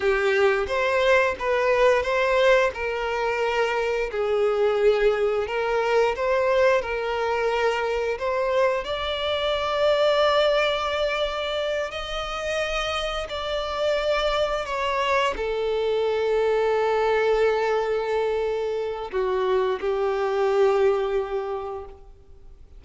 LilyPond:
\new Staff \with { instrumentName = "violin" } { \time 4/4 \tempo 4 = 88 g'4 c''4 b'4 c''4 | ais'2 gis'2 | ais'4 c''4 ais'2 | c''4 d''2.~ |
d''4. dis''2 d''8~ | d''4. cis''4 a'4.~ | a'1 | fis'4 g'2. | }